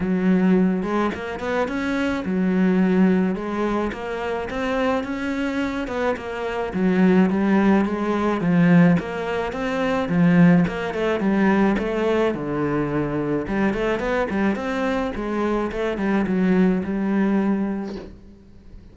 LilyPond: \new Staff \with { instrumentName = "cello" } { \time 4/4 \tempo 4 = 107 fis4. gis8 ais8 b8 cis'4 | fis2 gis4 ais4 | c'4 cis'4. b8 ais4 | fis4 g4 gis4 f4 |
ais4 c'4 f4 ais8 a8 | g4 a4 d2 | g8 a8 b8 g8 c'4 gis4 | a8 g8 fis4 g2 | }